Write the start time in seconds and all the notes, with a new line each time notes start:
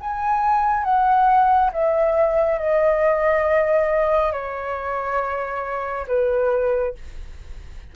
0.00 G#5
0.83 F#5
1.72 E5
2.58 D#5
4.32 C#5
6.07 B4